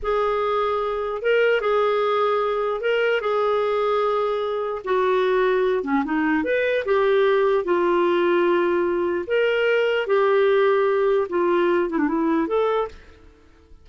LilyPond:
\new Staff \with { instrumentName = "clarinet" } { \time 4/4 \tempo 4 = 149 gis'2. ais'4 | gis'2. ais'4 | gis'1 | fis'2~ fis'8 cis'8 dis'4 |
b'4 g'2 f'4~ | f'2. ais'4~ | ais'4 g'2. | f'4. e'16 d'16 e'4 a'4 | }